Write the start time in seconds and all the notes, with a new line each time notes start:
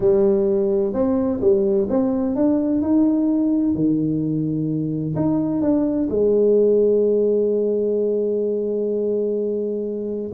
0.00 G3
0.93 C4
1.41 G3
1.89 C4
2.35 D4
2.81 D#4
3.74 D#3
5.15 D#4
5.61 D4
6.09 G#3